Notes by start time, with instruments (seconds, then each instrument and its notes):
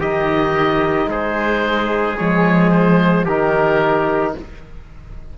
0.00 cello D#3, trombone D#4, trumpet G4, oboe D#5
1.06 cello G#3, trumpet G#4, oboe C5
2.17 cello F3, trombone G#3, oboe C#5
2.71 oboe C5
3.25 cello D#3, trombone D#4, trumpet G4, oboe A#4